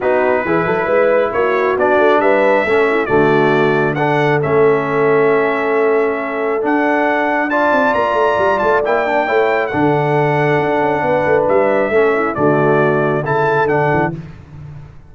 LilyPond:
<<
  \new Staff \with { instrumentName = "trumpet" } { \time 4/4 \tempo 4 = 136 b'2. cis''4 | d''4 e''2 d''4~ | d''4 fis''4 e''2~ | e''2. fis''4~ |
fis''4 a''4 ais''4. a''8 | g''2 fis''2~ | fis''2 e''2 | d''2 a''4 fis''4 | }
  \new Staff \with { instrumentName = "horn" } { \time 4/4 fis'4 gis'8 a'8 b'4 fis'4~ | fis'4 b'4 a'8 e'8 fis'4~ | fis'4 a'2.~ | a'1~ |
a'4 d''2.~ | d''4 cis''4 a'2~ | a'4 b'2 a'8 e'8 | fis'2 a'2 | }
  \new Staff \with { instrumentName = "trombone" } { \time 4/4 dis'4 e'2. | d'2 cis'4 a4~ | a4 d'4 cis'2~ | cis'2. d'4~ |
d'4 f'2. | e'8 d'8 e'4 d'2~ | d'2. cis'4 | a2 e'4 d'4 | }
  \new Staff \with { instrumentName = "tuba" } { \time 4/4 b4 e8 fis8 gis4 ais4 | b8 a8 g4 a4 d4~ | d2 a2~ | a2. d'4~ |
d'4. c'8 ais8 a8 g8 a8 | ais4 a4 d2 | d'8 cis'8 b8 a8 g4 a4 | d2 cis4 d8 e8 | }
>>